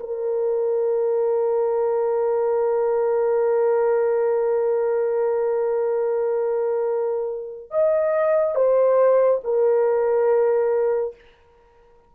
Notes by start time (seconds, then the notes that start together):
0.00 A#4
7.71 D#5
8.55 C5
9.44 A#4